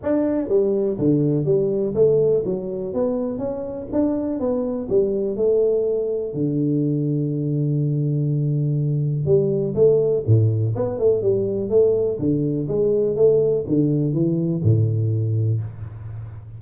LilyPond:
\new Staff \with { instrumentName = "tuba" } { \time 4/4 \tempo 4 = 123 d'4 g4 d4 g4 | a4 fis4 b4 cis'4 | d'4 b4 g4 a4~ | a4 d2.~ |
d2. g4 | a4 a,4 b8 a8 g4 | a4 d4 gis4 a4 | d4 e4 a,2 | }